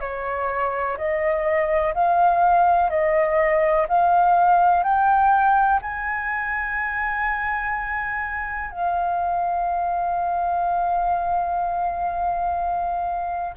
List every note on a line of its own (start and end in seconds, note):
0.00 0.97 C#5
0.97 1.94 D#5
1.94 2.90 F5
2.90 3.87 D#5
3.88 4.83 F5
4.83 5.80 G5
5.82 8.71 G#5
8.71 13.55 F5